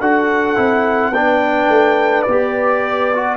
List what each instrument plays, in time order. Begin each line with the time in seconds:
0.00 tuba D4, trombone F#4, horn A4, trumpet F#5
0.57 tuba C4, trombone E4
1.12 tuba B3, trombone D4, horn B4, trumpet G5
1.69 tuba A3
2.23 tuba B3, trombone G4, trumpet D5
3.15 trombone F#4